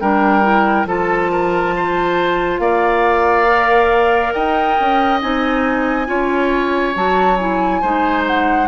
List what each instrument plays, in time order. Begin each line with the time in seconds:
0.00 bassoon G3, clarinet D4, oboe A#4, flute G5
0.42 clarinet E4
0.86 bassoon F3, clarinet F4, oboe A4, flute A5
1.31 oboe A#4
1.76 oboe C5
2.59 bassoon A#3, oboe D5, flute F5
3.47 clarinet A#4
4.33 bassoon D#4, oboe D#5, flute G5
4.80 bassoon C#4
5.21 bassoon C4, clarinet D#4, flute G#5
6.06 bassoon C#4, clarinet F4, oboe C#5
6.94 bassoon F#3, clarinet F#4, flute A5
7.36 clarinet E4, flute G#5
7.81 bassoon G#3, clarinet D#4, oboe C5
8.27 flute F#5